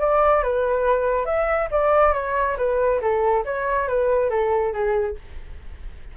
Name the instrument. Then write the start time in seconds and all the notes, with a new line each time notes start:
flute
0.00 D5
0.43 B4
1.26 E5
1.71 D5
2.14 C#5
2.57 B4
3.01 A4
3.45 C#5
3.88 B4
4.30 A4
4.73 G#4